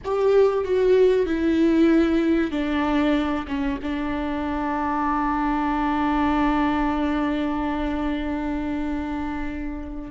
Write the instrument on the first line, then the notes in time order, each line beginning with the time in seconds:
viola
0.04 G4
0.64 F#4
1.25 E4
2.51 D4
3.47 C#4
3.82 D4